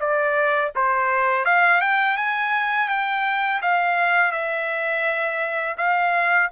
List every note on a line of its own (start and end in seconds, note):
0.00 0.72 D5
0.75 1.45 C5
1.45 1.81 F5
1.81 2.17 G5
2.17 2.89 G#5
2.89 3.61 G5
3.62 4.32 F5
4.32 5.76 E5
5.77 6.50 F5